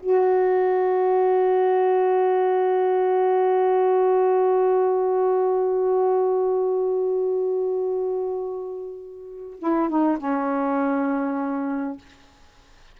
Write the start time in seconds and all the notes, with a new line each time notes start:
0.00 F#4
9.59 E4
9.89 D#4
10.17 C#4